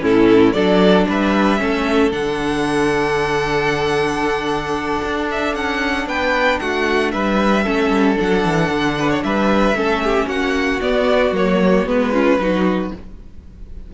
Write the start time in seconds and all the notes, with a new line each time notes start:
0.00 A2 C#4 E4 A4
0.52 F#3 D4 A4 D5
1.08 G3 B4 E5
1.58 A3 C#4 A4
2.11 D3 D4 F#5
5.02 D4
5.31 E5
5.54 C#4 F#5
6.06 B3 B4 G5
6.59 A3 F#4 F#5
7.11 G3 B4 E5
7.63 A3 C#4 A4
7.90 G3
8.16 F#3 D4 F#5
8.44 E3
8.69 D3
8.99 B4
9.10 C#5
9.23 G3 B4 E5
9.73 A3 C#4 A4
10.04 G4
10.27 A#3 F#4 F#5
10.81 B3 D5
11.31 F#3 A#3 C#5
11.85 G#3 B3 B4
12.12 C#4 F4
12.38 F#3 D#4 F#4